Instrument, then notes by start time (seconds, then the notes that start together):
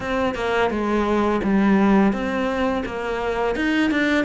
cello
0.00 C4
0.35 A#3
0.70 G#3
1.43 G3
2.12 C4
2.85 A#3
3.55 D#4
3.90 D4